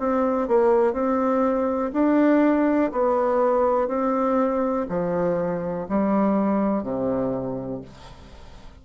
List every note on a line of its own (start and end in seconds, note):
0.00 0.48 C4
0.48 0.93 A#3
0.93 1.92 C4
1.94 2.92 D4
2.92 3.88 B3
3.88 4.86 C4
4.90 5.88 F3
5.89 6.83 G3
6.83 7.82 C3